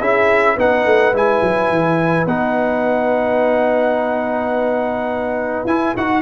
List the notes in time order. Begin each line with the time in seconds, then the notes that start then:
0.00 C#4 E4 G#4 E5
0.56 B3 D#4 B4 F#5
0.85 A3
1.12 G#3 E4 G#5
1.42 F#3
1.69 E3
2.25 B3 D#4 F#5
5.65 E4 G#5
5.96 D#4 F#4 F#5